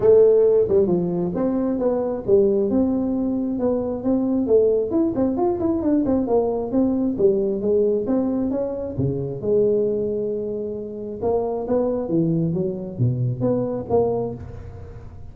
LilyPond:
\new Staff \with { instrumentName = "tuba" } { \time 4/4 \tempo 4 = 134 a4. g8 f4 c'4 | b4 g4 c'2 | b4 c'4 a4 e'8 c'8 | f'8 e'8 d'8 c'8 ais4 c'4 |
g4 gis4 c'4 cis'4 | cis4 gis2.~ | gis4 ais4 b4 e4 | fis4 b,4 b4 ais4 | }